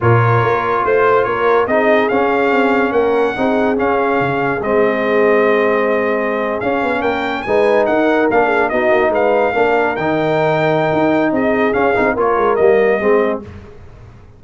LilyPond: <<
  \new Staff \with { instrumentName = "trumpet" } { \time 4/4 \tempo 4 = 143 cis''2 c''4 cis''4 | dis''4 f''2 fis''4~ | fis''4 f''2 dis''4~ | dis''2.~ dis''8. f''16~ |
f''8. g''4 gis''4 fis''4 f''16~ | f''8. dis''4 f''2 g''16~ | g''2. dis''4 | f''4 cis''4 dis''2 | }
  \new Staff \with { instrumentName = "horn" } { \time 4/4 ais'2 c''4 ais'4 | gis'2. ais'4 | gis'1~ | gis'1~ |
gis'8. ais'4 b'4 ais'4~ ais'16~ | ais'16 gis'8 fis'4 b'4 ais'4~ ais'16~ | ais'2. gis'4~ | gis'4 ais'2 gis'4 | }
  \new Staff \with { instrumentName = "trombone" } { \time 4/4 f'1 | dis'4 cis'2. | dis'4 cis'2 c'4~ | c'2.~ c'8. cis'16~ |
cis'4.~ cis'16 dis'2 d'16~ | d'8. dis'2 d'4 dis'16~ | dis'1 | cis'8 dis'8 f'4 ais4 c'4 | }
  \new Staff \with { instrumentName = "tuba" } { \time 4/4 ais,4 ais4 a4 ais4 | c'4 cis'4 c'4 ais4 | c'4 cis'4 cis4 gis4~ | gis2.~ gis8. cis'16~ |
cis'16 b8 ais4 gis4 dis'4 ais16~ | ais8. b8 ais8 gis4 ais4 dis16~ | dis2 dis'4 c'4 | cis'8 c'8 ais8 gis8 g4 gis4 | }
>>